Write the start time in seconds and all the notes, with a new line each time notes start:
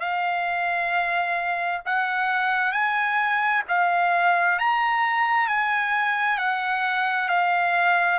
0.00 F5
1.86 F#5
2.72 G#5
3.68 F5
4.59 A#5
5.48 G#5
6.38 F#5
7.29 F5